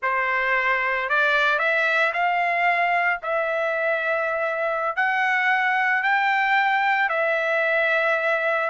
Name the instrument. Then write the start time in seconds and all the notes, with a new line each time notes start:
trumpet
0.02 C5
1.09 D5
1.58 E5
2.13 F5
3.22 E5
4.96 F#5
6.02 G5
7.09 E5